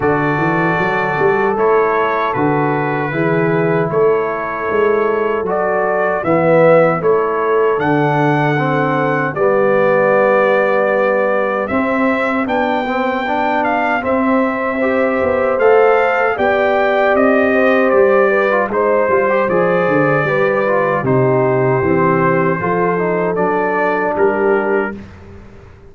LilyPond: <<
  \new Staff \with { instrumentName = "trumpet" } { \time 4/4 \tempo 4 = 77 d''2 cis''4 b'4~ | b'4 cis''2 d''4 | e''4 cis''4 fis''2 | d''2. e''4 |
g''4. f''8 e''2 | f''4 g''4 dis''4 d''4 | c''4 d''2 c''4~ | c''2 d''4 ais'4 | }
  \new Staff \with { instrumentName = "horn" } { \time 4/4 a'1 | gis'4 a'2. | b'4 a'2. | g'1~ |
g'2. c''4~ | c''4 d''4. c''4 b'8 | c''2 b'4 g'4~ | g'4 a'2 g'4 | }
  \new Staff \with { instrumentName = "trombone" } { \time 4/4 fis'2 e'4 fis'4 | e'2. fis'4 | b4 e'4 d'4 c'4 | b2. c'4 |
d'8 c'8 d'4 c'4 g'4 | a'4 g'2~ g'8. f'16 | dis'8 f'16 g'16 gis'4 g'8 f'8 dis'4 | c'4 f'8 dis'8 d'2 | }
  \new Staff \with { instrumentName = "tuba" } { \time 4/4 d8 e8 fis8 g8 a4 d4 | e4 a4 gis4 fis4 | e4 a4 d2 | g2. c'4 |
b2 c'4. b8 | a4 b4 c'4 g4 | gis8 g8 f8 d8 g4 c4 | e4 f4 fis4 g4 | }
>>